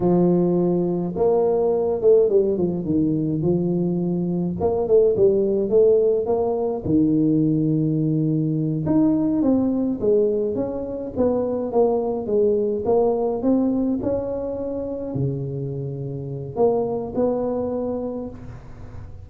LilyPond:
\new Staff \with { instrumentName = "tuba" } { \time 4/4 \tempo 4 = 105 f2 ais4. a8 | g8 f8 dis4 f2 | ais8 a8 g4 a4 ais4 | dis2.~ dis8 dis'8~ |
dis'8 c'4 gis4 cis'4 b8~ | b8 ais4 gis4 ais4 c'8~ | c'8 cis'2 cis4.~ | cis4 ais4 b2 | }